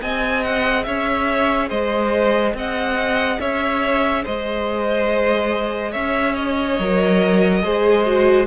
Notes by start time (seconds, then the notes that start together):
0.00 C4 G#4 D#5 G#5
0.44 F#5
0.84 C#4 C#5 E5
1.69 G#3 C5 D#5
2.54 C4 D#5 F#5
3.40 C#4 C#5 E5
4.24 G#3 C5 D#5
5.92 C#4 C#5 E5
6.35 D#5
6.79 F#3 A#4
7.63 G#3 G#4 C5
8.06 F#4